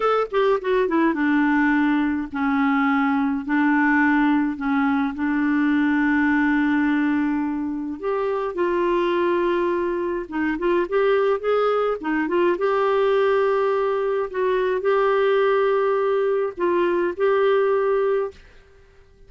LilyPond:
\new Staff \with { instrumentName = "clarinet" } { \time 4/4 \tempo 4 = 105 a'8 g'8 fis'8 e'8 d'2 | cis'2 d'2 | cis'4 d'2.~ | d'2 g'4 f'4~ |
f'2 dis'8 f'8 g'4 | gis'4 dis'8 f'8 g'2~ | g'4 fis'4 g'2~ | g'4 f'4 g'2 | }